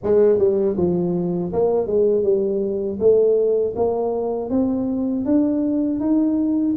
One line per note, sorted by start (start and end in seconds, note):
0.03 0.38 G#3
0.38 0.75 G3
0.77 1.52 F3
1.52 1.86 A#3
1.86 2.23 G#3
2.23 2.98 G3
2.99 3.74 A3
3.76 4.50 A#3
4.50 5.25 C4
5.25 6.00 D4
6.00 6.75 D#4